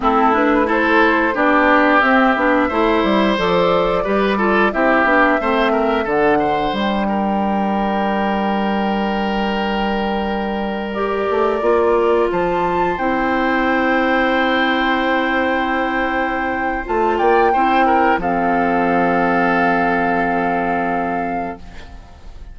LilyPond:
<<
  \new Staff \with { instrumentName = "flute" } { \time 4/4 \tempo 4 = 89 a'8 b'8 c''4 d''4 e''4~ | e''4 d''2 e''4~ | e''4 fis''4 g''2~ | g''1~ |
g''16 d''2 a''4 g''8.~ | g''1~ | g''4 a''8 g''4. f''4~ | f''1 | }
  \new Staff \with { instrumentName = "oboe" } { \time 4/4 e'4 a'4 g'2 | c''2 b'8 a'8 g'4 | c''8 ais'8 a'8 c''4 ais'4.~ | ais'1~ |
ais'2~ ais'16 c''4.~ c''16~ | c''1~ | c''4. d''8 c''8 ais'8 a'4~ | a'1 | }
  \new Staff \with { instrumentName = "clarinet" } { \time 4/4 c'8 d'8 e'4 d'4 c'8 d'8 | e'4 a'4 g'8 f'8 e'8 d'8 | c'4 d'2.~ | d'1~ |
d'16 g'4 f'2 e'8.~ | e'1~ | e'4 f'4 e'4 c'4~ | c'1 | }
  \new Staff \with { instrumentName = "bassoon" } { \time 4/4 a2 b4 c'8 b8 | a8 g8 f4 g4 c'8 b8 | a4 d4 g2~ | g1~ |
g8. a8 ais4 f4 c'8.~ | c'1~ | c'4 a8 ais8 c'4 f4~ | f1 | }
>>